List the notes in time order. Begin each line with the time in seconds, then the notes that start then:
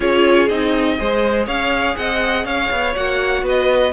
0.00 C#4 F4 G#4 C#5
0.48 C4 D#4 D#5
0.98 G#3 G#4 C5
1.46 C#4 C#5 F5
1.96 C4 D#5 F#5
2.44 C#4 C#5 F5
2.70 B3
2.96 A#3 F#4 F#5
3.42 B3 B4
3.49 D#5